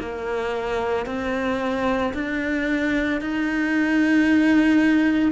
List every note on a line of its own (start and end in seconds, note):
0.00 1.06 A#3
1.06 2.13 C4
2.14 3.21 D4
3.21 5.32 D#4